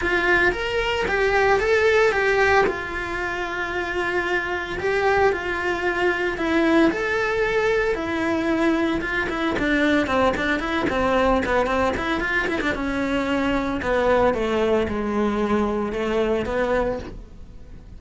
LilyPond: \new Staff \with { instrumentName = "cello" } { \time 4/4 \tempo 4 = 113 f'4 ais'4 g'4 a'4 | g'4 f'2.~ | f'4 g'4 f'2 | e'4 a'2 e'4~ |
e'4 f'8 e'8 d'4 c'8 d'8 | e'8 c'4 b8 c'8 e'8 f'8 e'16 d'16 | cis'2 b4 a4 | gis2 a4 b4 | }